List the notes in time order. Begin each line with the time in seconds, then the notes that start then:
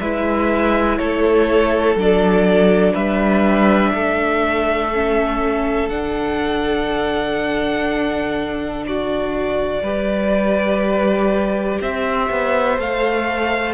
0.00 G#3 E4 B4 E5
0.98 A3 A4 C#5
1.95 F#3 D4 D5
2.93 G3 B4 E5
3.94 A3 A4
4.94 C#4
5.89 D3 D4 F#5
8.87 F#4 D5
9.82 G3 G4 B4
11.80 C4 C5 E5
12.30 B3
12.78 A3 A4 F5